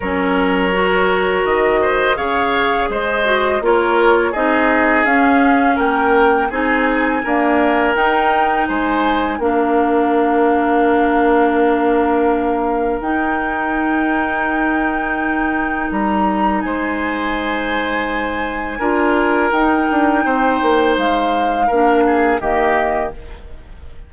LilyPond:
<<
  \new Staff \with { instrumentName = "flute" } { \time 4/4 \tempo 4 = 83 cis''2 dis''4 f''4 | dis''4 cis''4 dis''4 f''4 | g''4 gis''2 g''4 | gis''4 f''2.~ |
f''2 g''2~ | g''2 ais''4 gis''4~ | gis''2. g''4~ | g''4 f''2 dis''4 | }
  \new Staff \with { instrumentName = "oboe" } { \time 4/4 ais'2~ ais'8 c''8 cis''4 | c''4 ais'4 gis'2 | ais'4 gis'4 ais'2 | c''4 ais'2.~ |
ais'1~ | ais'2. c''4~ | c''2 ais'2 | c''2 ais'8 gis'8 g'4 | }
  \new Staff \with { instrumentName = "clarinet" } { \time 4/4 cis'4 fis'2 gis'4~ | gis'8 fis'8 f'4 dis'4 cis'4~ | cis'4 dis'4 ais4 dis'4~ | dis'4 d'2.~ |
d'2 dis'2~ | dis'1~ | dis'2 f'4 dis'4~ | dis'2 d'4 ais4 | }
  \new Staff \with { instrumentName = "bassoon" } { \time 4/4 fis2 dis4 cis4 | gis4 ais4 c'4 cis'4 | ais4 c'4 d'4 dis'4 | gis4 ais2.~ |
ais2 dis'2~ | dis'2 g4 gis4~ | gis2 d'4 dis'8 d'8 | c'8 ais8 gis4 ais4 dis4 | }
>>